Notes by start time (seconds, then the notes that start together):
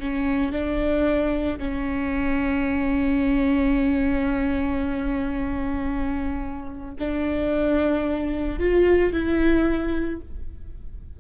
0.00 C#4
0.52 D4
1.59 C#4
7.00 D4
8.60 F4
9.13 E4